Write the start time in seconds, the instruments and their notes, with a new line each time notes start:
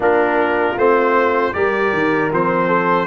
0.00 tuba A#3, trombone D4, horn F4, trumpet A#4
0.76 tuba A3, trombone C4, trumpet C5
1.53 tuba G3, trombone G4, horn A#4, trumpet D5
1.92 tuba D#3
2.32 tuba F3, trombone C4, trumpet C5
2.67 horn A4